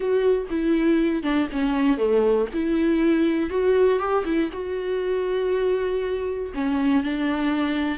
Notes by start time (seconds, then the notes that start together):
0.00 F#4
0.50 E4
1.22 D4
1.52 C#4
1.97 A3
2.53 E4
3.50 F#4
3.99 G4
4.25 E4
4.52 F#4
6.54 C#4
7.03 D4